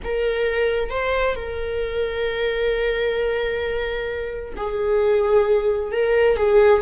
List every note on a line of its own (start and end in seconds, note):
0.04 0.90 A#4
0.90 1.35 C5
1.35 4.53 A#4
4.56 5.92 G#4
5.92 6.36 A#4
6.36 6.81 G#4